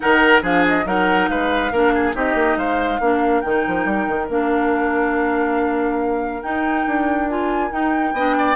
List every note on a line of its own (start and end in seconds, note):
0.00 0.42 D#3
0.00 0.42 D#4
0.00 0.42 A#4
0.00 0.41 F#5
0.42 0.85 F3
0.42 0.85 D4
0.42 0.85 G#4
0.42 0.66 F5
0.67 0.87 D#5
0.85 1.28 F#3
0.85 1.71 D#4
0.85 1.29 A#4
0.85 1.28 F#5
1.28 1.71 G#3
1.28 1.71 B4
1.28 2.14 F5
1.71 2.14 A#3
1.71 2.13 D4
1.71 1.93 A#4
1.94 2.15 G#4
2.13 2.34 C4
2.13 2.99 D#4
2.13 2.57 G4
2.13 2.58 D#5
2.34 2.55 A#3
2.56 2.99 G#3
2.56 3.00 C5
2.56 3.40 F5
3.00 3.42 A#3
3.00 3.44 D4
3.00 8.14 A#4
3.40 3.65 D#3
3.40 4.29 D#4
3.40 4.26 G5
3.67 3.85 F3
3.85 4.06 G3
4.07 4.29 D#3
4.29 6.42 A#3
4.29 6.42 D4
4.29 6.42 F5
6.42 7.28 D#4
6.42 6.85 D#4
6.42 7.28 G5
6.86 7.71 D4
7.29 7.70 F4
7.29 7.71 G#5
7.70 8.13 D#4
7.70 8.55 G5
8.13 8.55 B3
8.13 8.55 D4
8.13 8.36 D#5
8.37 8.55 D5